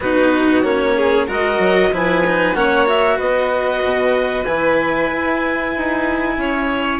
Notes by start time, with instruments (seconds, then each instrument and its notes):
0.00 bassoon B3, cello D#4, violin F#4, clarinet B4
0.63 bassoon A#3, cello C#4, clarinet C#5
0.96 violin G#4
1.26 bassoon G#3, cello F#4, violin A#4, clarinet D#5
1.58 bassoon F#3
1.91 bassoon F3, cello E4, violin B4, clarinet G#5
2.26 cello D#4
2.54 bassoon A#3, cello C#4, violin C#5, clarinet F#5
2.85 cello F#4, clarinet E5
3.16 bassoon B3, violin B4, clarinet D#5
3.83 bassoon B2
4.44 bassoon E3, cello E4, clarinet G#5
5.11 bassoon E4
5.77 bassoon D#4
6.37 bassoon C#4, violin C#5